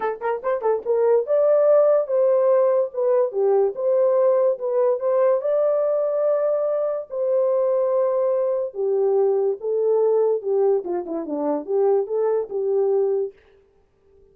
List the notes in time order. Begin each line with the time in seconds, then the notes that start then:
0.00 A4
0.21 A#4
0.42 C5
0.61 A4
0.85 A#4
1.26 D5
2.07 C5
2.93 B4
3.32 G4
3.75 C5
4.58 B4
4.99 C5
5.41 D5
7.09 C5
8.74 G4
9.60 A4
10.41 G4
10.84 F4
11.05 E4
11.25 D4
11.65 G4
12.06 A4
12.49 G4